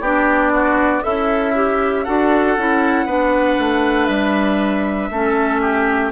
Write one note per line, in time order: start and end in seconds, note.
0.00 1.02 B3
0.00 1.02 D4
0.00 0.51 G4
0.00 1.03 D5
0.53 1.03 F#4
1.02 2.07 C#4
1.02 2.04 E4
1.02 1.53 A4
1.02 2.04 E5
1.55 2.06 G4
2.04 2.57 D4
2.04 2.56 F#4
2.04 3.06 A4
2.04 4.05 F#5
2.57 3.05 C#4
2.57 3.08 E4
3.05 3.56 B3
3.05 5.11 D4
3.05 5.09 B4
3.58 4.08 A3
4.05 5.10 G3
4.05 6.09 E5
5.10 6.12 A3
5.10 6.12 C#4
5.10 5.61 A4
5.61 6.12 G4